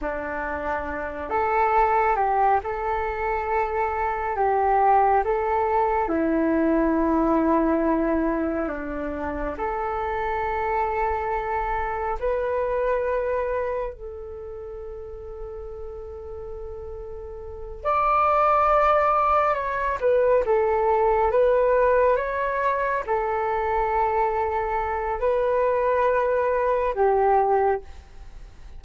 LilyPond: \new Staff \with { instrumentName = "flute" } { \time 4/4 \tempo 4 = 69 d'4. a'4 g'8 a'4~ | a'4 g'4 a'4 e'4~ | e'2 d'4 a'4~ | a'2 b'2 |
a'1~ | a'8 d''2 cis''8 b'8 a'8~ | a'8 b'4 cis''4 a'4.~ | a'4 b'2 g'4 | }